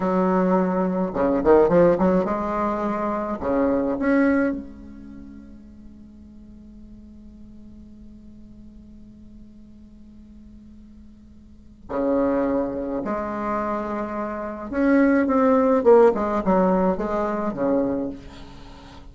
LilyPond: \new Staff \with { instrumentName = "bassoon" } { \time 4/4 \tempo 4 = 106 fis2 cis8 dis8 f8 fis8 | gis2 cis4 cis'4 | gis1~ | gis1~ |
gis1~ | gis4 cis2 gis4~ | gis2 cis'4 c'4 | ais8 gis8 fis4 gis4 cis4 | }